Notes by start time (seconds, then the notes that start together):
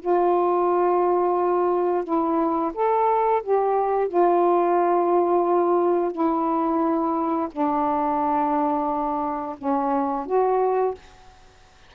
0.00 F4
2.04 E4
2.74 A4
3.43 G4
4.08 F4
6.12 E4
7.51 D4
9.58 C#4
10.26 F#4